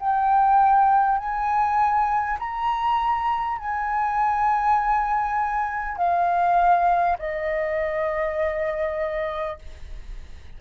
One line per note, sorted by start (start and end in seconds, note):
0.00 1.19 G5
1.19 2.39 G#5
2.40 3.59 A#5
3.59 5.98 G#5
5.98 7.18 F5
7.19 9.59 D#5